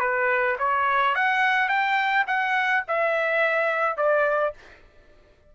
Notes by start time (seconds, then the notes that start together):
0.00 B4
0.59 C#5
1.15 F#5
1.69 G5
2.27 F#5
2.88 E5
3.97 D5